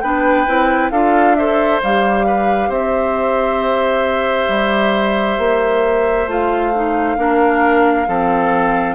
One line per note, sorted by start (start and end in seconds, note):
0.00 0.47 B3
0.00 0.47 D4
0.00 0.91 B4
0.00 0.90 G5
0.47 0.91 C4
0.47 0.91 E4
0.91 1.81 D4
0.91 1.37 F4
0.91 1.36 A4
0.91 1.35 F5
1.35 1.82 A4
1.35 2.26 C5
1.35 1.80 E5
1.82 2.68 G3
1.82 6.28 G4
1.82 2.72 F5
2.26 2.69 B4
2.68 4.47 C4
2.68 7.16 C5
2.68 6.30 E5
4.48 5.38 G3
5.38 6.27 A#3
6.27 7.16 A3
6.27 6.73 F4
6.27 8.95 F5
6.75 7.17 D#4
7.17 8.07 A#3
7.17 8.07 D4
7.17 8.08 A#4
8.07 8.95 F3
8.07 8.95 C4
8.07 8.95 A4